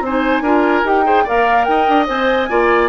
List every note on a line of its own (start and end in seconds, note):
0.00 0.40 C4
0.00 0.42 C5
0.00 0.86 G#5
0.06 0.44 D#4
0.40 0.82 D4
0.40 0.83 F4
0.40 1.04 A#4
0.83 1.25 D#4
0.83 1.04 G4
0.83 1.27 G5
1.04 1.25 G#4
1.04 1.23 C5
1.23 1.67 A#3
1.23 2.06 A#4
1.23 1.64 D5
1.23 1.64 F5
1.64 1.88 D#4
1.64 2.49 D#5
1.64 2.05 G5
1.88 2.08 D4
2.06 2.49 C4
2.06 2.47 C5
2.06 2.88 G#5
2.49 2.88 A#3
2.49 2.88 F4
2.49 2.88 D5